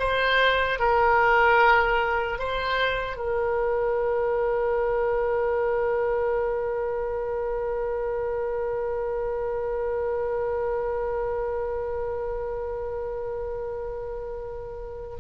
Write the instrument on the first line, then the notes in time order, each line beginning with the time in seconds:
oboe
0.00 C5
0.80 A#4
2.39 C5
3.17 A#4